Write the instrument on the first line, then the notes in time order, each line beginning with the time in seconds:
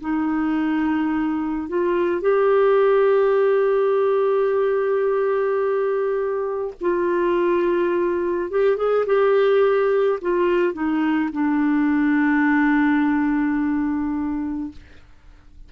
clarinet
0.00 D#4
1.68 F4
2.21 G4
6.80 F4
8.50 G4
8.76 G#4
9.06 G4
10.21 F4
10.73 D#4
11.32 D4